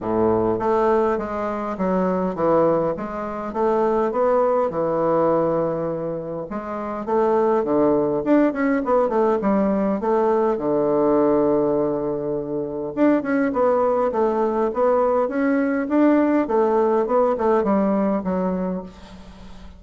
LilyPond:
\new Staff \with { instrumentName = "bassoon" } { \time 4/4 \tempo 4 = 102 a,4 a4 gis4 fis4 | e4 gis4 a4 b4 | e2. gis4 | a4 d4 d'8 cis'8 b8 a8 |
g4 a4 d2~ | d2 d'8 cis'8 b4 | a4 b4 cis'4 d'4 | a4 b8 a8 g4 fis4 | }